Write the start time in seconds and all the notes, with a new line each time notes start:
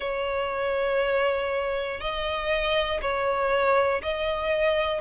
0.00 C#5
2.00 D#5
3.01 C#5
4.02 D#5